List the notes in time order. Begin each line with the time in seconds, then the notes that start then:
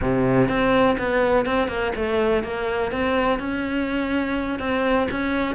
0.01 C3
0.48 C4
0.98 B3
1.45 C4
1.68 A#3
1.95 A3
2.43 A#3
2.91 C4
3.39 C#4
4.59 C4
5.10 C#4